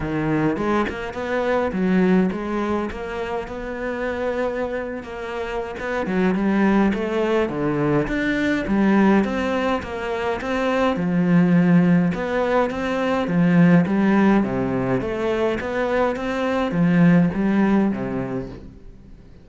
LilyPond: \new Staff \with { instrumentName = "cello" } { \time 4/4 \tempo 4 = 104 dis4 gis8 ais8 b4 fis4 | gis4 ais4 b2~ | b8. ais4~ ais16 b8 fis8 g4 | a4 d4 d'4 g4 |
c'4 ais4 c'4 f4~ | f4 b4 c'4 f4 | g4 c4 a4 b4 | c'4 f4 g4 c4 | }